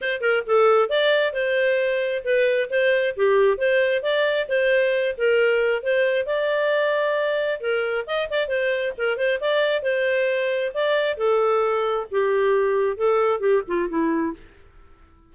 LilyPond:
\new Staff \with { instrumentName = "clarinet" } { \time 4/4 \tempo 4 = 134 c''8 ais'8 a'4 d''4 c''4~ | c''4 b'4 c''4 g'4 | c''4 d''4 c''4. ais'8~ | ais'4 c''4 d''2~ |
d''4 ais'4 dis''8 d''8 c''4 | ais'8 c''8 d''4 c''2 | d''4 a'2 g'4~ | g'4 a'4 g'8 f'8 e'4 | }